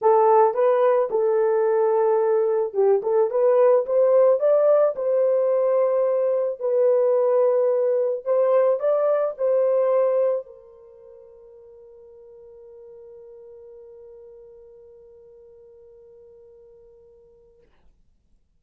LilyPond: \new Staff \with { instrumentName = "horn" } { \time 4/4 \tempo 4 = 109 a'4 b'4 a'2~ | a'4 g'8 a'8 b'4 c''4 | d''4 c''2. | b'2. c''4 |
d''4 c''2 ais'4~ | ais'1~ | ais'1~ | ais'1 | }